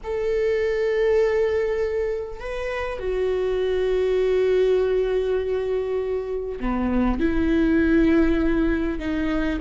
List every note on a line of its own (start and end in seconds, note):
0.03 2.39 A4
2.39 2.99 B4
2.99 6.59 F#4
6.60 7.19 B3
7.19 8.99 E4
8.99 9.59 D#4